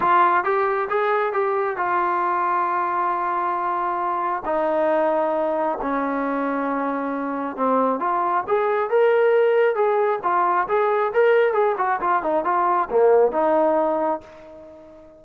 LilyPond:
\new Staff \with { instrumentName = "trombone" } { \time 4/4 \tempo 4 = 135 f'4 g'4 gis'4 g'4 | f'1~ | f'2 dis'2~ | dis'4 cis'2.~ |
cis'4 c'4 f'4 gis'4 | ais'2 gis'4 f'4 | gis'4 ais'4 gis'8 fis'8 f'8 dis'8 | f'4 ais4 dis'2 | }